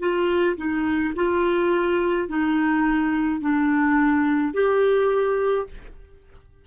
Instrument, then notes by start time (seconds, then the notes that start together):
clarinet
0.00 F4
0.58 D#4
1.16 F4
2.29 D#4
3.41 D4
4.54 G4